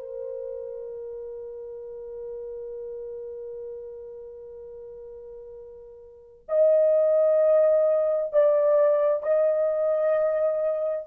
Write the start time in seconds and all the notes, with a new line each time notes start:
0.00 A#4
6.49 D#5
8.33 D5
9.23 D#5